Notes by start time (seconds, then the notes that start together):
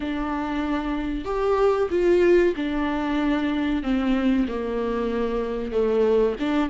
0.00 D4
1.24 G4
1.90 F4
2.55 D4
3.82 C4
4.47 A#3
5.71 A3
6.39 D4